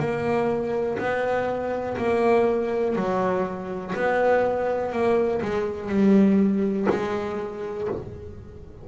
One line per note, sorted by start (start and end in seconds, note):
0.00 0.98 A#3
0.99 1.97 B3
1.98 2.96 A#3
2.96 3.94 F#3
3.96 4.92 B3
4.92 5.41 A#3
5.42 5.89 G#3
5.89 6.88 G3
6.90 7.88 G#3